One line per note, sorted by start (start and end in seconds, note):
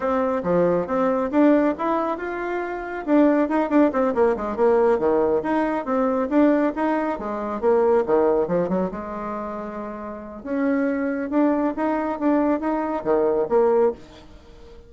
0.00 0.42 C4
0.43 0.86 F3
0.86 1.30 C4
1.31 1.74 D4
1.77 2.17 E4
2.17 3.04 F4
3.05 3.49 D4
3.49 3.69 D#4
3.69 3.91 D4
3.92 4.14 C4
4.14 4.36 A#3
4.36 4.56 G#3
4.56 4.99 A#3
4.99 5.42 D#3
5.42 5.85 D#4
5.85 6.28 C4
6.29 6.73 D4
6.75 7.19 D#4
7.19 7.60 G#3
7.60 8.04 A#3
8.06 8.47 D#3
8.47 8.69 F3
8.69 8.90 F#3
8.91 10.43 G#3
10.43 11.30 C#4
11.30 11.73 D4
11.76 12.19 D#4
12.19 12.60 D4
12.60 13.03 D#4
13.04 13.47 D#3
13.48 13.92 A#3